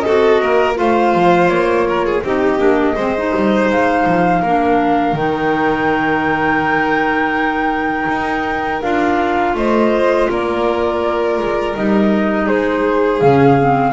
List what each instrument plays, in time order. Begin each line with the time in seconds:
0.00 clarinet F#4, violin A4, flute D#5
0.07 double bass C4
0.41 double bass A#3, violin A#4
0.75 double bass A3, clarinet F4, violin C5, flute F5
1.14 double bass F3
1.48 double bass A#3, flute C#5
1.88 violin A#4
2.05 violin G#4
2.23 double bass C4, clarinet D#4, violin G4, flute D#5
2.58 double bass A#3, clarinet D4
2.95 double bass G#3, clarinet C4, violin C5
3.17 clarinet D#4
3.36 double bass G3
3.69 double bass G#3, flute F5
4.06 double bass F3
4.41 double bass A#3, clarinet D4, violin A#4
5.13 double bass D#3, clarinet D#4, flute G5
8.09 double bass D#4
8.82 double bass D4, clarinet F4, flute F5
9.54 double bass A3, violin C5, flute D#5
10.29 double bass A#3, violin A#4, flute D5
11.39 double bass G#3
11.76 double bass G3, clarinet D#4, flute D#5
12.45 double bass G#3, violin G#4, flute C5
13.20 double bass C#3, clarinet C#4, flute F5
13.59 clarinet C4